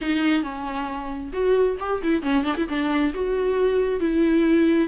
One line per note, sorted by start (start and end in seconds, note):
0.01 0.42 D#4
0.42 1.31 C#4
1.32 1.77 F#4
1.79 2.02 G4
2.02 2.22 E4
2.22 2.44 C#4
2.44 2.55 D4
2.57 2.68 E4
2.68 3.13 D4
3.14 4.00 F#4
4.00 4.88 E4